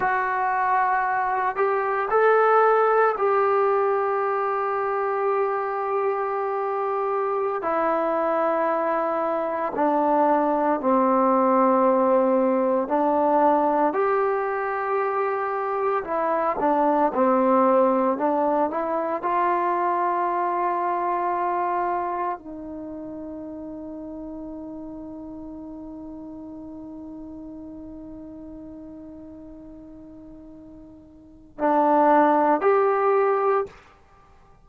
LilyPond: \new Staff \with { instrumentName = "trombone" } { \time 4/4 \tempo 4 = 57 fis'4. g'8 a'4 g'4~ | g'2.~ g'16 e'8.~ | e'4~ e'16 d'4 c'4.~ c'16~ | c'16 d'4 g'2 e'8 d'16~ |
d'16 c'4 d'8 e'8 f'4.~ f'16~ | f'4~ f'16 dis'2~ dis'8.~ | dis'1~ | dis'2 d'4 g'4 | }